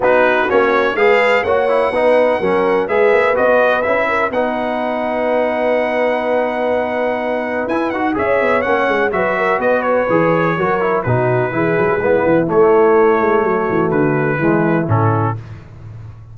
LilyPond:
<<
  \new Staff \with { instrumentName = "trumpet" } { \time 4/4 \tempo 4 = 125 b'4 cis''4 f''4 fis''4~ | fis''2 e''4 dis''4 | e''4 fis''2.~ | fis''1 |
gis''8 fis''8 e''4 fis''4 e''4 | dis''8 cis''2~ cis''8 b'4~ | b'2 cis''2~ | cis''4 b'2 a'4 | }
  \new Staff \with { instrumentName = "horn" } { \time 4/4 fis'2 b'4 cis''4 | b'4 ais'4 b'2~ | b'8 ais'8 b'2.~ | b'1~ |
b'4 cis''2 b'8 ais'8 | b'2 ais'4 fis'4 | gis'4 e'2. | fis'2 e'2 | }
  \new Staff \with { instrumentName = "trombone" } { \time 4/4 dis'4 cis'4 gis'4 fis'8 e'8 | dis'4 cis'4 gis'4 fis'4 | e'4 dis'2.~ | dis'1 |
e'8 fis'8 gis'4 cis'4 fis'4~ | fis'4 gis'4 fis'8 e'8 dis'4 | e'4 b4 a2~ | a2 gis4 cis'4 | }
  \new Staff \with { instrumentName = "tuba" } { \time 4/4 b4 ais4 gis4 ais4 | b4 fis4 gis8 ais8 b4 | cis'4 b2.~ | b1 |
e'8 dis'8 cis'8 b8 ais8 gis8 fis4 | b4 e4 fis4 b,4 | e8 fis8 gis8 e8 a4. gis8 | fis8 e8 d4 e4 a,4 | }
>>